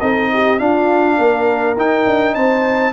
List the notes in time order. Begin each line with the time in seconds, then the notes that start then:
0.00 C4 D#4 A4 D#5
0.33 G4
0.58 D4 F4 F5
1.17 A#3 A#4
1.76 D#4 G5
2.06 D4
2.35 C4 C5 A5